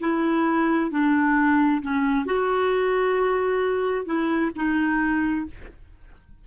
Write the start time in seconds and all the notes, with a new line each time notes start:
0.00 E4
0.91 D4
1.82 C#4
2.26 F#4
4.06 E4
4.55 D#4